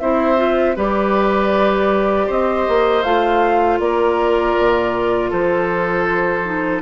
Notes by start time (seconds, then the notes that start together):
0.00 C4 E4 C5 E5
0.37 F4
0.76 G3 G4 B4 D5
2.27 C4 C5 D#5
2.68 A#3
3.03 A3 F4 F5
3.79 A#3 A#4 D5
4.58 A#2
5.30 F3 A4 C5
6.45 D#4